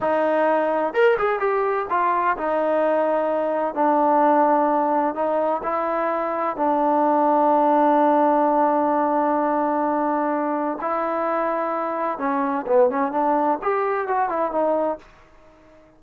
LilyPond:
\new Staff \with { instrumentName = "trombone" } { \time 4/4 \tempo 4 = 128 dis'2 ais'8 gis'8 g'4 | f'4 dis'2. | d'2. dis'4 | e'2 d'2~ |
d'1~ | d'2. e'4~ | e'2 cis'4 b8 cis'8 | d'4 g'4 fis'8 e'8 dis'4 | }